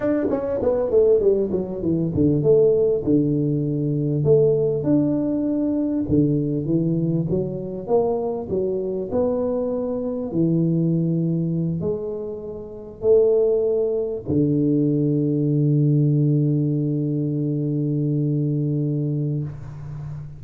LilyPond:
\new Staff \with { instrumentName = "tuba" } { \time 4/4 \tempo 4 = 99 d'8 cis'8 b8 a8 g8 fis8 e8 d8 | a4 d2 a4 | d'2 d4 e4 | fis4 ais4 fis4 b4~ |
b4 e2~ e8 gis8~ | gis4. a2 d8~ | d1~ | d1 | }